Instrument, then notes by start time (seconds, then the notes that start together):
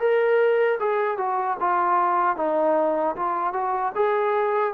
trombone
0.00 A#4
0.80 G#4
1.18 F#4
1.60 F4
2.37 D#4
3.16 F4
3.53 F#4
3.95 G#4